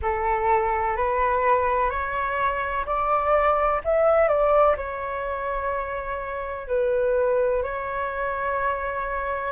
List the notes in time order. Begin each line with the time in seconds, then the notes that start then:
0.02 A4
0.96 B4
1.90 C#5
2.86 D5
3.84 E5
4.28 D5
4.77 C#5
6.67 B4
7.62 C#5